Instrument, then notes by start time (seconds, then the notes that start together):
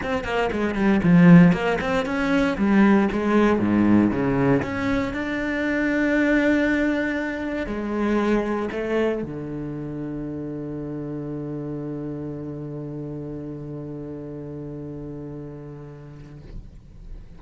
cello
0.02 C4
0.24 A#3
0.52 G#3
0.74 G3
1.03 F3
1.52 A#3
1.80 C4
2.05 C#4
2.57 G3
3.11 G#3
3.59 G#2
4.10 C#3
4.62 C#4
5.13 D4
7.66 G#3
8.71 A3
9.22 D3